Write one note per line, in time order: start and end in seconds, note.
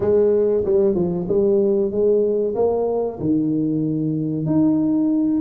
0.00 0.64 G#3
0.64 0.95 G3
0.95 1.26 F3
1.28 1.91 G3
1.91 2.54 G#3
2.55 3.19 A#3
3.19 4.46 D#3
4.46 5.40 D#4